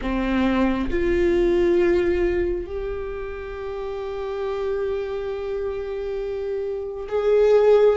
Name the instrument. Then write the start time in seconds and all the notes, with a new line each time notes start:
viola
0.01 C4
0.90 F4
2.66 G4
7.08 G#4